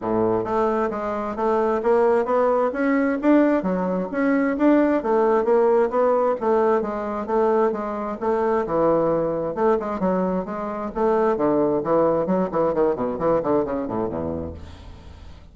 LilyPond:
\new Staff \with { instrumentName = "bassoon" } { \time 4/4 \tempo 4 = 132 a,4 a4 gis4 a4 | ais4 b4 cis'4 d'4 | fis4 cis'4 d'4 a4 | ais4 b4 a4 gis4 |
a4 gis4 a4 e4~ | e4 a8 gis8 fis4 gis4 | a4 d4 e4 fis8 e8 | dis8 b,8 e8 d8 cis8 a,8 e,4 | }